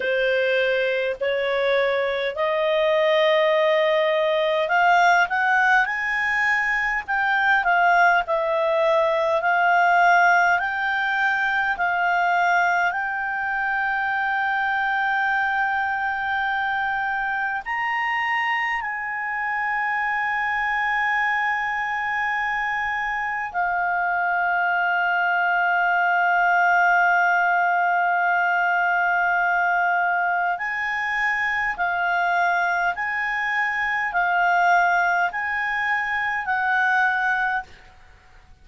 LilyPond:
\new Staff \with { instrumentName = "clarinet" } { \time 4/4 \tempo 4 = 51 c''4 cis''4 dis''2 | f''8 fis''8 gis''4 g''8 f''8 e''4 | f''4 g''4 f''4 g''4~ | g''2. ais''4 |
gis''1 | f''1~ | f''2 gis''4 f''4 | gis''4 f''4 gis''4 fis''4 | }